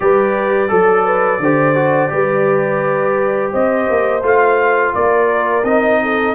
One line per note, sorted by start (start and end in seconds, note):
0.00 0.70 G3
0.00 0.68 G4
0.00 0.69 B4
0.00 3.51 D5
0.68 1.39 F#3
0.68 1.39 A4
0.68 1.04 A4
1.04 1.40 B4
1.39 2.10 D3
1.39 1.75 G4
1.39 2.12 C5
1.75 2.09 F#4
2.09 3.53 G3
2.09 4.21 G4
2.09 3.52 B4
3.52 3.89 C4
3.52 4.93 C5
3.52 4.23 D#5
3.90 4.22 A#3
4.22 4.93 A3
4.22 5.63 F4
4.22 4.94 F5
4.94 5.63 A#3
4.94 6.01 A#4
4.94 5.64 D5
5.63 6.34 C4
5.63 6.34 D#4
5.63 6.34 D#5
6.01 6.34 A4